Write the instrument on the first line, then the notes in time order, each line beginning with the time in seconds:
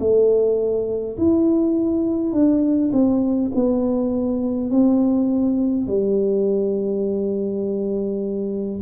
tuba
0.00 A3
1.18 E4
2.33 D4
2.93 C4
3.55 B3
4.71 C4
5.88 G3